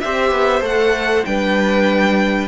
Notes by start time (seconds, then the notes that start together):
0.00 C4 G4 C5 E5
0.31 B3
0.61 A3 A4 F#5
1.25 G3 D4 B4 G5